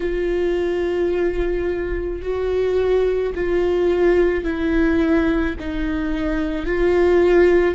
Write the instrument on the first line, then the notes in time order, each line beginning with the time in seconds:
viola
0.00 F4
2.22 F#4
3.34 F4
4.44 E4
5.59 D#4
6.66 F4